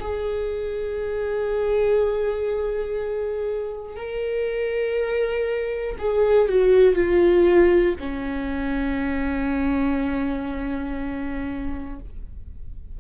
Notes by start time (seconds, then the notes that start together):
0.00 G#4
3.96 A#4
5.99 G#4
6.48 F#4
6.95 F4
8.00 C#4